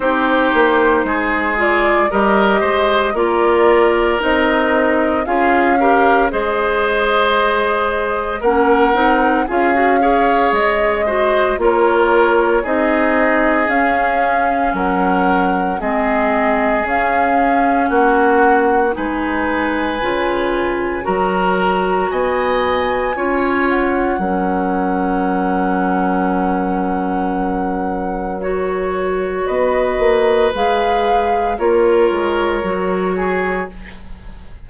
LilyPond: <<
  \new Staff \with { instrumentName = "flute" } { \time 4/4 \tempo 4 = 57 c''4. d''8 dis''4 d''4 | dis''4 f''4 dis''2 | fis''4 f''4 dis''4 cis''4 | dis''4 f''4 fis''4 dis''4 |
f''4 fis''4 gis''2 | ais''4 gis''4. fis''4.~ | fis''2. cis''4 | dis''4 f''4 cis''2 | }
  \new Staff \with { instrumentName = "oboe" } { \time 4/4 g'4 gis'4 ais'8 c''8 ais'4~ | ais'4 gis'8 ais'8 c''2 | ais'4 gis'8 cis''4 c''8 ais'4 | gis'2 ais'4 gis'4~ |
gis'4 fis'4 b'2 | ais'4 dis''4 cis''4 ais'4~ | ais'1 | b'2 ais'4. gis'8 | }
  \new Staff \with { instrumentName = "clarinet" } { \time 4/4 dis'4. f'8 g'4 f'4 | dis'4 f'8 g'8 gis'2 | cis'8 dis'8 f'16 fis'16 gis'4 fis'8 f'4 | dis'4 cis'2 c'4 |
cis'2 dis'4 f'4 | fis'2 f'4 cis'4~ | cis'2. fis'4~ | fis'4 gis'4 f'4 fis'4 | }
  \new Staff \with { instrumentName = "bassoon" } { \time 4/4 c'8 ais8 gis4 g8 gis8 ais4 | c'4 cis'4 gis2 | ais8 c'8 cis'4 gis4 ais4 | c'4 cis'4 fis4 gis4 |
cis'4 ais4 gis4 cis4 | fis4 b4 cis'4 fis4~ | fis1 | b8 ais8 gis4 ais8 gis8 fis4 | }
>>